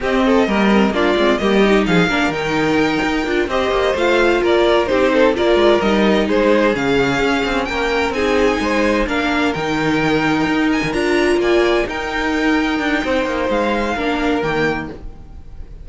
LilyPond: <<
  \new Staff \with { instrumentName = "violin" } { \time 4/4 \tempo 4 = 129 dis''2 d''4 dis''4 | f''4 g''2~ g''8 dis''8~ | dis''8 f''4 d''4 c''4 d''8~ | d''8 dis''4 c''4 f''4.~ |
f''8 g''4 gis''2 f''8~ | f''8 g''2~ g''8 gis''8 ais''8~ | ais''8 gis''4 g''2~ g''8~ | g''4 f''2 g''4 | }
  \new Staff \with { instrumentName = "violin" } { \time 4/4 g'8 a'8 ais'4 f'4 g'4 | gis'8 ais'2. c''8~ | c''4. ais'4 g'8 a'8 ais'8~ | ais'4. gis'2~ gis'8~ |
gis'8 ais'4 gis'4 c''4 ais'8~ | ais'1~ | ais'8 d''4 ais'2~ ais'8 | c''2 ais'2 | }
  \new Staff \with { instrumentName = "viola" } { \time 4/4 c'4 ais8 c'8 d'8 c'8 ais8 dis'8~ | dis'8 d'8 dis'2 f'8 g'8~ | g'8 f'2 dis'4 f'8~ | f'8 dis'2 cis'4.~ |
cis'4. dis'2 d'8~ | d'8 dis'2. f'8~ | f'4. dis'2~ dis'8~ | dis'2 d'4 ais4 | }
  \new Staff \with { instrumentName = "cello" } { \time 4/4 c'4 g4 ais8 gis8 g4 | f8 ais8 dis4. dis'8 d'8 c'8 | ais8 a4 ais4 c'4 ais8 | gis8 g4 gis4 cis4 cis'8 |
c'8 ais4 c'4 gis4 ais8~ | ais8 dis2 dis'8. dis16 d'8~ | d'8 ais4 dis'2 d'8 | c'8 ais8 gis4 ais4 dis4 | }
>>